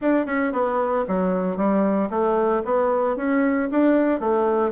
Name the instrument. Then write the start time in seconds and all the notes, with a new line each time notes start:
bassoon
0.01 D4
0.26 C#4
0.52 B3
1.07 F#3
1.56 G3
2.10 A3
2.65 B3
3.16 C#4
3.71 D4
4.20 A3